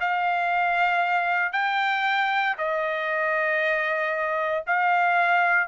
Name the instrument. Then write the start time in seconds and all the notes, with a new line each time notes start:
trumpet
0.00 F5
1.53 G5
2.58 D#5
4.66 F5